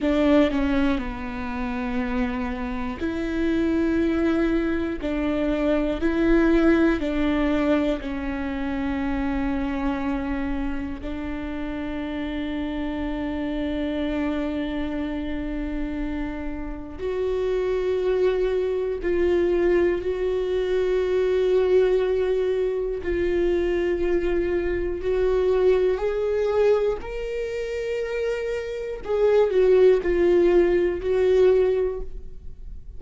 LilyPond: \new Staff \with { instrumentName = "viola" } { \time 4/4 \tempo 4 = 60 d'8 cis'8 b2 e'4~ | e'4 d'4 e'4 d'4 | cis'2. d'4~ | d'1~ |
d'4 fis'2 f'4 | fis'2. f'4~ | f'4 fis'4 gis'4 ais'4~ | ais'4 gis'8 fis'8 f'4 fis'4 | }